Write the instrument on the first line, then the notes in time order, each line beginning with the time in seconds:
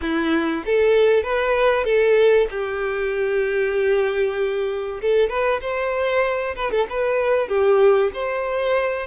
violin
0.01 E4
0.65 A4
1.23 B4
1.84 A4
2.50 G4
5.01 A4
5.29 B4
5.61 C5
6.55 B4
6.71 A4
6.89 B4
7.48 G4
8.13 C5